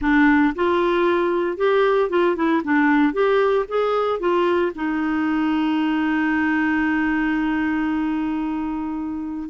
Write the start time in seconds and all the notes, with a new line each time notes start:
0.01 D4
0.55 F4
1.57 G4
2.09 F4
2.35 E4
2.64 D4
3.13 G4
3.68 G#4
4.19 F4
4.75 D#4